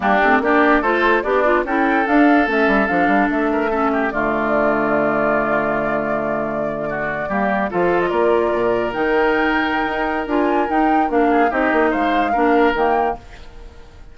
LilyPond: <<
  \new Staff \with { instrumentName = "flute" } { \time 4/4 \tempo 4 = 146 g'4 d''4 c''4 d''4 | g''4 f''4 e''4 f''4 | e''2 d''2~ | d''1~ |
d''2~ d''8. f''8. dis''16 d''16~ | d''4.~ d''16 g''2~ g''16~ | g''4 gis''4 g''4 f''4 | dis''4 f''2 g''4 | }
  \new Staff \with { instrumentName = "oboe" } { \time 4/4 d'4 g'4 a'4 d'4 | a'1~ | a'8 ais'8 a'8 g'8 f'2~ | f'1~ |
f'8. fis'4 g'4 a'4 ais'16~ | ais'1~ | ais'2.~ ais'8 gis'8 | g'4 c''4 ais'2 | }
  \new Staff \with { instrumentName = "clarinet" } { \time 4/4 ais8 c'8 d'4 f'4 g'8 f'8 | e'4 d'4 cis'4 d'4~ | d'4 cis'4 a2~ | a1~ |
a4.~ a16 ais4 f'4~ f'16~ | f'4.~ f'16 dis'2~ dis'16~ | dis'4 f'4 dis'4 d'4 | dis'2 d'4 ais4 | }
  \new Staff \with { instrumentName = "bassoon" } { \time 4/4 g8 a8 ais4 a4 b4 | cis'4 d'4 a8 g8 f8 g8 | a2 d2~ | d1~ |
d4.~ d16 g4 f4 ais16~ | ais8. ais,4 dis2~ dis16 | dis'4 d'4 dis'4 ais4 | c'8 ais8 gis4 ais4 dis4 | }
>>